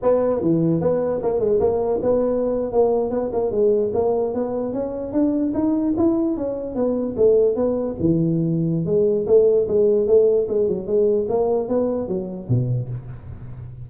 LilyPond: \new Staff \with { instrumentName = "tuba" } { \time 4/4 \tempo 4 = 149 b4 e4 b4 ais8 gis8 | ais4 b4.~ b16 ais4 b16~ | b16 ais8 gis4 ais4 b4 cis'16~ | cis'8. d'4 dis'4 e'4 cis'16~ |
cis'8. b4 a4 b4 e16~ | e2 gis4 a4 | gis4 a4 gis8 fis8 gis4 | ais4 b4 fis4 b,4 | }